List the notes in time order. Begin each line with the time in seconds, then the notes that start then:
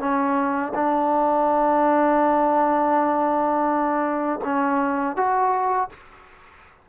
0.00 C#4
0.75 D4
4.44 C#4
5.17 F#4